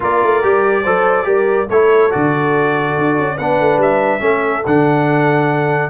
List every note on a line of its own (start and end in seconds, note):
0.00 0.22 A#3
0.00 0.42 F4
0.00 0.83 A#4
0.00 1.69 D5
0.22 0.43 A3
0.42 0.85 G3
0.42 0.84 G4
0.83 1.25 F#3
0.83 1.24 A4
0.83 1.25 C5
1.24 1.68 G3
1.24 1.66 G4
1.24 1.68 A#4
1.69 2.11 A3
1.69 2.10 E4
1.69 3.36 A4
1.69 2.11 C#5
2.10 2.98 D3
2.10 3.37 F#4
2.10 3.37 D5
2.98 3.18 D4
3.18 3.39 C#4
3.36 3.60 B3
3.36 4.19 D4
3.36 4.20 B4
3.36 3.79 F#5
3.60 3.77 A3
3.77 4.20 G3
3.77 4.66 E5
4.19 4.63 A3
4.19 4.61 C#4
4.19 5.90 A4
4.66 5.90 D3
4.66 5.90 D4
4.66 5.90 F#5